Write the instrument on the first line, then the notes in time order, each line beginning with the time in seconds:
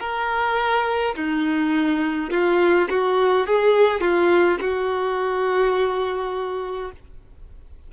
violin
0.00 A#4
1.16 D#4
2.30 F4
2.90 F#4
3.47 G#4
4.01 F4
4.61 F#4